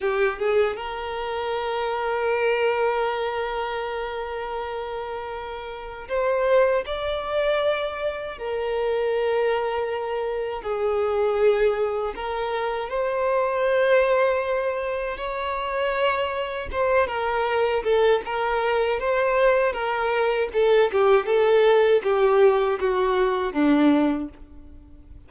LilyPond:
\new Staff \with { instrumentName = "violin" } { \time 4/4 \tempo 4 = 79 g'8 gis'8 ais'2.~ | ais'1 | c''4 d''2 ais'4~ | ais'2 gis'2 |
ais'4 c''2. | cis''2 c''8 ais'4 a'8 | ais'4 c''4 ais'4 a'8 g'8 | a'4 g'4 fis'4 d'4 | }